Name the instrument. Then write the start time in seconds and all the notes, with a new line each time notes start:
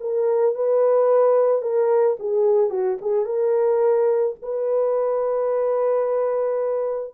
horn
0.00 A#4
0.55 B4
1.62 A#4
2.19 G#4
2.70 F#4
3.01 G#4
3.25 A#4
4.42 B4